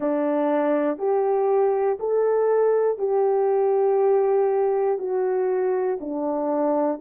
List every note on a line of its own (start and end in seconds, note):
0.00 0.98 D4
0.98 1.98 G4
1.99 2.98 A4
2.98 4.98 G4
4.98 5.98 F#4
6.00 7.00 D4